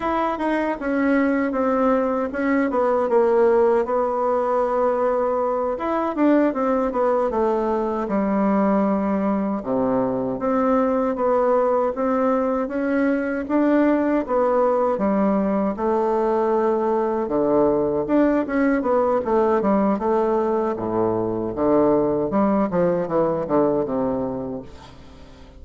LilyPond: \new Staff \with { instrumentName = "bassoon" } { \time 4/4 \tempo 4 = 78 e'8 dis'8 cis'4 c'4 cis'8 b8 | ais4 b2~ b8 e'8 | d'8 c'8 b8 a4 g4.~ | g8 c4 c'4 b4 c'8~ |
c'8 cis'4 d'4 b4 g8~ | g8 a2 d4 d'8 | cis'8 b8 a8 g8 a4 a,4 | d4 g8 f8 e8 d8 c4 | }